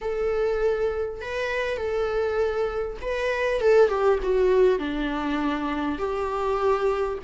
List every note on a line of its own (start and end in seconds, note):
0.01 1.21 A4
1.21 1.77 B4
1.77 2.97 A4
3.01 3.60 B4
3.60 3.88 A4
3.88 4.18 G4
4.22 4.78 F#4
4.78 5.98 D4
5.98 7.18 G4